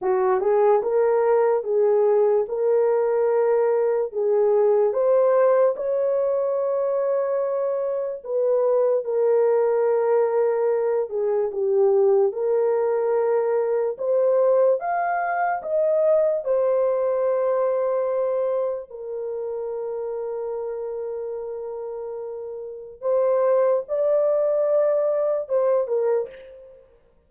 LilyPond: \new Staff \with { instrumentName = "horn" } { \time 4/4 \tempo 4 = 73 fis'8 gis'8 ais'4 gis'4 ais'4~ | ais'4 gis'4 c''4 cis''4~ | cis''2 b'4 ais'4~ | ais'4. gis'8 g'4 ais'4~ |
ais'4 c''4 f''4 dis''4 | c''2. ais'4~ | ais'1 | c''4 d''2 c''8 ais'8 | }